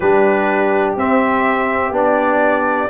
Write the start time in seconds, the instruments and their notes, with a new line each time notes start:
0.00 tuba G3, trombone D4, horn G4, trumpet B4
0.96 tuba C4, trombone C4, trumpet E5
1.90 tuba B3, trombone D4
1.97 trumpet D5